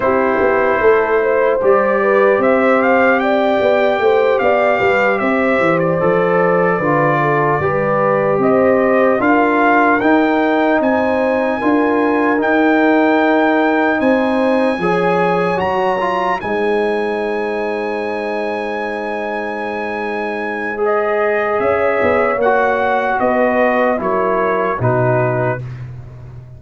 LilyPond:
<<
  \new Staff \with { instrumentName = "trumpet" } { \time 4/4 \tempo 4 = 75 c''2 d''4 e''8 f''8 | g''4. f''4 e''8. d''8.~ | d''2~ d''8 dis''4 f''8~ | f''8 g''4 gis''2 g''8~ |
g''4. gis''2 ais''8~ | ais''8 gis''2.~ gis''8~ | gis''2 dis''4 e''4 | fis''4 dis''4 cis''4 b'4 | }
  \new Staff \with { instrumentName = "horn" } { \time 4/4 g'4 a'8 c''4 b'8 c''4 | d''4 c''8 d''8 b'8 c''4.~ | c''8 b'8 a'8 b'4 c''4 ais'8~ | ais'4. c''4 ais'4.~ |
ais'4. c''4 cis''4.~ | cis''8 c''2.~ c''8~ | c''2. cis''4~ | cis''4 b'4 ais'4 fis'4 | }
  \new Staff \with { instrumentName = "trombone" } { \time 4/4 e'2 g'2~ | g'2.~ g'8 a'8~ | a'8 f'4 g'2 f'8~ | f'8 dis'2 f'4 dis'8~ |
dis'2~ dis'8 gis'4 fis'8 | f'8 dis'2.~ dis'8~ | dis'2 gis'2 | fis'2 e'4 dis'4 | }
  \new Staff \with { instrumentName = "tuba" } { \time 4/4 c'8 b8 a4 g4 c'4~ | c'8 b8 a8 b8 g8 c'8 e8 f8~ | f8 d4 g4 c'4 d'8~ | d'8 dis'4 c'4 d'4 dis'8~ |
dis'4. c'4 f4 fis8~ | fis8 gis2.~ gis8~ | gis2. cis'8 b8 | ais4 b4 fis4 b,4 | }
>>